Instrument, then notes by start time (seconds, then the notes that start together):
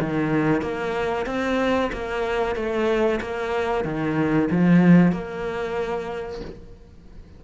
cello
0.00 D#3
0.62 A#3
1.26 C4
1.92 A#3
2.55 A3
3.21 A#3
3.84 D#3
4.51 F3
5.12 A#3